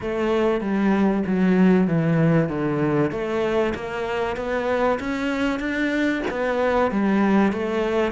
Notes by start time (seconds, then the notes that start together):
0.01 A3
0.60 G3
1.26 F#3
1.88 E3
2.49 D3
3.11 A3
3.74 A#3
4.36 B3
4.99 C#4
5.59 D4
6.30 B3
6.91 G3
7.52 A3